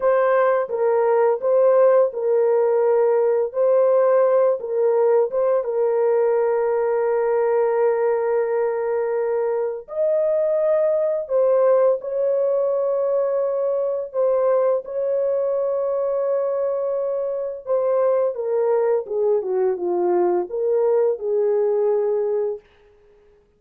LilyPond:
\new Staff \with { instrumentName = "horn" } { \time 4/4 \tempo 4 = 85 c''4 ais'4 c''4 ais'4~ | ais'4 c''4. ais'4 c''8 | ais'1~ | ais'2 dis''2 |
c''4 cis''2. | c''4 cis''2.~ | cis''4 c''4 ais'4 gis'8 fis'8 | f'4 ais'4 gis'2 | }